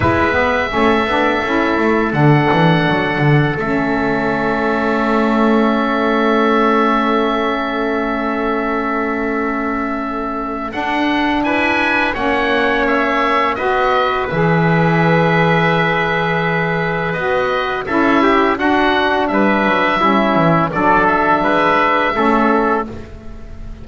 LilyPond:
<<
  \new Staff \with { instrumentName = "oboe" } { \time 4/4 \tempo 4 = 84 e''2. fis''4~ | fis''4 e''2.~ | e''1~ | e''2. fis''4 |
gis''4 fis''4 e''4 dis''4 | e''1 | dis''4 e''4 fis''4 e''4~ | e''4 d''8 e''2~ e''8 | }
  \new Staff \with { instrumentName = "trumpet" } { \time 4/4 b'4 a'2.~ | a'1~ | a'1~ | a'1 |
b'4 cis''2 b'4~ | b'1~ | b'4 a'8 g'8 fis'4 b'4 | e'4 a'4 b'4 a'4 | }
  \new Staff \with { instrumentName = "saxophone" } { \time 4/4 e'8 b8 cis'8 d'8 e'4 d'4~ | d'4 cis'2.~ | cis'1~ | cis'2. d'4~ |
d'4 cis'2 fis'4 | gis'1 | fis'4 e'4 d'2 | cis'4 d'2 cis'4 | }
  \new Staff \with { instrumentName = "double bass" } { \time 4/4 gis4 a8 b8 cis'8 a8 d8 e8 | fis8 d8 a2.~ | a1~ | a2. d'4 |
e'4 ais2 b4 | e1 | b4 cis'4 d'4 g8 fis8 | g8 e8 fis4 gis4 a4 | }
>>